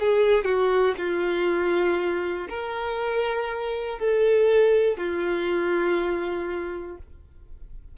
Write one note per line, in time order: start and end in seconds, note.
0.00 0.45 G#4
0.45 0.95 F#4
0.97 2.47 F4
2.49 3.99 A#4
3.99 4.97 A4
4.97 6.97 F4